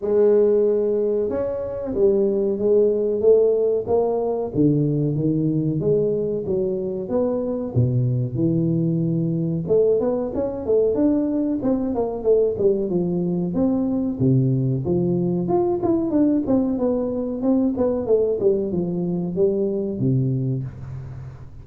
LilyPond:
\new Staff \with { instrumentName = "tuba" } { \time 4/4 \tempo 4 = 93 gis2 cis'4 g4 | gis4 a4 ais4 d4 | dis4 gis4 fis4 b4 | b,4 e2 a8 b8 |
cis'8 a8 d'4 c'8 ais8 a8 g8 | f4 c'4 c4 f4 | f'8 e'8 d'8 c'8 b4 c'8 b8 | a8 g8 f4 g4 c4 | }